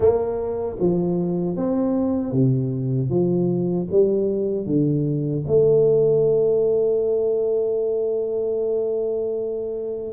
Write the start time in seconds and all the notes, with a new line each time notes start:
0.00 A#3
0.79 F3
1.56 C4
2.32 C3
3.09 F3
3.91 G3
4.66 D3
5.47 A3